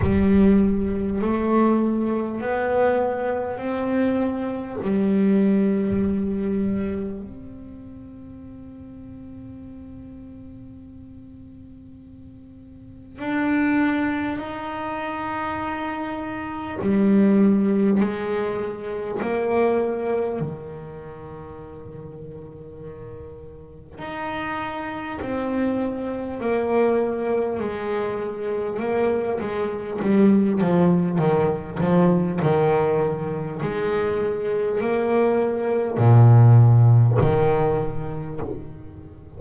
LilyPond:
\new Staff \with { instrumentName = "double bass" } { \time 4/4 \tempo 4 = 50 g4 a4 b4 c'4 | g2 c'2~ | c'2. d'4 | dis'2 g4 gis4 |
ais4 dis2. | dis'4 c'4 ais4 gis4 | ais8 gis8 g8 f8 dis8 f8 dis4 | gis4 ais4 ais,4 dis4 | }